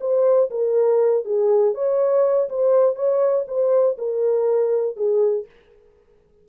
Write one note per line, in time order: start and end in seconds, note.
0.00 0.50 C5
0.50 1.24 A#4
1.24 1.74 G#4
1.74 2.49 C#5
2.49 2.95 C5
2.95 3.45 C#5
3.47 3.97 C5
3.98 4.96 A#4
4.96 5.46 G#4